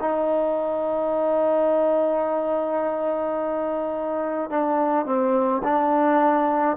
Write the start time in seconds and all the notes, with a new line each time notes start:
0.00 D#4
4.50 D4
5.06 C4
5.64 D4